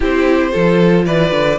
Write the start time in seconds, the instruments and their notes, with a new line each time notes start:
0.00 cello C4, viola E4, violin G4 C5
0.51 cello F3, viola F4, violin A4
1.05 cello E3, violin B4 D5
1.31 cello D3